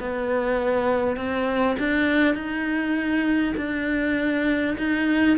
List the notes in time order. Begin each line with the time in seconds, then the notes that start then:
0.00 B3
1.17 C4
1.79 D4
2.35 D#4
3.57 D4
4.78 D#4